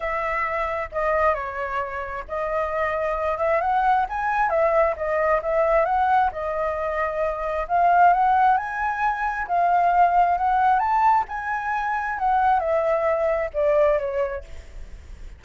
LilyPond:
\new Staff \with { instrumentName = "flute" } { \time 4/4 \tempo 4 = 133 e''2 dis''4 cis''4~ | cis''4 dis''2~ dis''8 e''8 | fis''4 gis''4 e''4 dis''4 | e''4 fis''4 dis''2~ |
dis''4 f''4 fis''4 gis''4~ | gis''4 f''2 fis''4 | a''4 gis''2 fis''4 | e''2 d''4 cis''4 | }